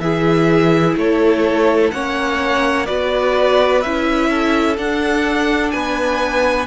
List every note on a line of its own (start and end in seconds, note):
0.00 0.95 E3
0.00 1.93 E4
0.00 0.99 G#4
0.00 0.96 E5
0.96 1.92 A3
0.96 1.94 A4
0.96 1.91 C#5
1.91 2.89 A#3
1.91 2.87 C#4
1.91 2.87 C#5
1.91 2.86 F#5
2.86 3.84 B3
2.86 3.82 F#4
2.86 4.30 B4
2.86 3.81 D5
3.81 4.78 C#4
3.81 4.78 E4
3.81 4.77 E5
4.30 5.73 A4
4.78 6.68 D4
4.78 5.73 D4
4.78 5.71 F#5
5.71 6.68 B3
5.71 6.68 B4
5.71 6.66 G#5